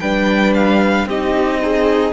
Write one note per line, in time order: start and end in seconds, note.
0.00 1.05 G3
0.00 1.09 D4
0.00 1.08 B4
0.00 0.54 G5
0.54 1.08 F5
1.05 2.12 C4
1.05 1.61 D#4
1.05 1.60 G4
1.05 2.12 D#5
1.60 2.12 D#4
1.60 2.12 G#4